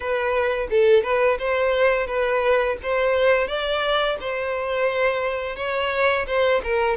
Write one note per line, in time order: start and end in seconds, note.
0.00 0.68 B4
0.70 1.03 A4
1.03 1.38 B4
1.38 2.06 C5
2.06 2.76 B4
2.82 3.47 C5
3.47 4.17 D5
4.20 5.56 C5
5.56 6.25 C#5
6.26 6.61 C5
6.63 6.96 A#4